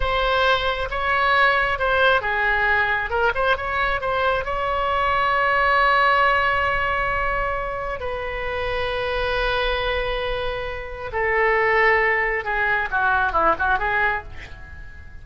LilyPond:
\new Staff \with { instrumentName = "oboe" } { \time 4/4 \tempo 4 = 135 c''2 cis''2 | c''4 gis'2 ais'8 c''8 | cis''4 c''4 cis''2~ | cis''1~ |
cis''2 b'2~ | b'1~ | b'4 a'2. | gis'4 fis'4 e'8 fis'8 gis'4 | }